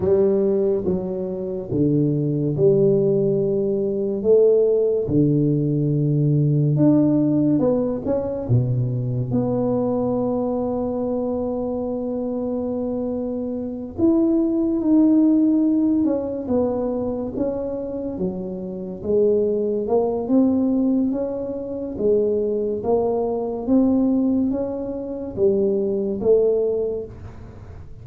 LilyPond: \new Staff \with { instrumentName = "tuba" } { \time 4/4 \tempo 4 = 71 g4 fis4 d4 g4~ | g4 a4 d2 | d'4 b8 cis'8 b,4 b4~ | b1~ |
b8 e'4 dis'4. cis'8 b8~ | b8 cis'4 fis4 gis4 ais8 | c'4 cis'4 gis4 ais4 | c'4 cis'4 g4 a4 | }